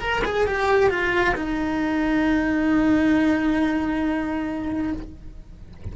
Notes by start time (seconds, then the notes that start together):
0.00 A#4
0.25 G#4
0.46 G4
0.90 F4
1.35 D#4